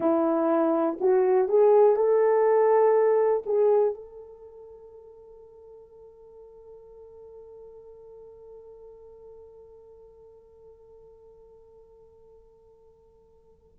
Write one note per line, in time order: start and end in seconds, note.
0.00 0.98 E4
1.00 1.48 F#4
1.48 1.96 G#4
1.96 3.43 A4
3.46 3.94 G#4
3.94 13.77 A4